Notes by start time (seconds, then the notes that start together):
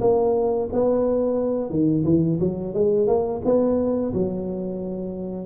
0.00 A#3
0.72 B3
1.70 D#3
2.04 E3
2.40 F#3
2.74 G#3
3.07 A#3
3.44 B3
4.13 F#3